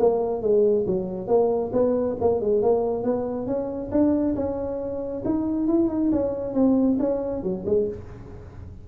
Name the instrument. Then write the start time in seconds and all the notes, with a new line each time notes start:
tuba
0.00 A#3
0.42 G#3
0.87 F#3
1.28 A#3
1.73 B3
2.21 A#3
2.41 G#3
2.63 A#3
3.04 B3
3.47 C#4
3.92 D4
4.36 C#4
5.26 D#4
5.68 E4
5.89 D#4
6.12 C#4
6.54 C4
7.00 C#4
7.43 F#3
7.66 G#3